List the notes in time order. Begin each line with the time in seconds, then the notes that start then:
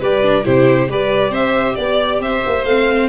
0.00 G3 G4 B4 D5
0.22 D4
0.44 C3 E4 G4 C5
0.88 G3 G4 B4 D5
1.30 C4 C5 E5
1.75 B3 D5
2.19 C4 C5 E5
2.46 A#3
2.64 A3 C4 F5